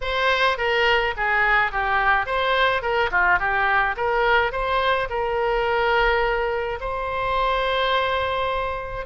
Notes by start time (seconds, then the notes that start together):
0.01 C5
0.57 A#4
1.17 G#4
1.71 G4
2.26 C5
2.81 A#4
3.11 F4
3.39 G4
3.96 A#4
4.52 C5
5.09 A#4
6.80 C5